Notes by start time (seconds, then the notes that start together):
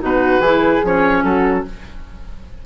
0.00 B2 D#4 F#4 B4
0.39 E3 E4 G#4
0.83 F3 C#4 C#5
1.23 F#3 F#4 A4